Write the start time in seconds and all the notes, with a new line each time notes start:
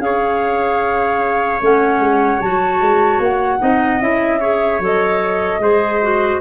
0.00 C#4 G#4 C#5 F5
1.61 A3 C#4 F#5
1.99 G#3
2.41 F#3 F#4 A5
2.81 G#3
3.20 A#3 F#5
3.60 C4 D#4 D#5
4.00 C#4 E4 E5
4.40 G#4 C#5
4.80 F#3 A4 D#5
5.59 G#3 G#4 C5
6.02 F#4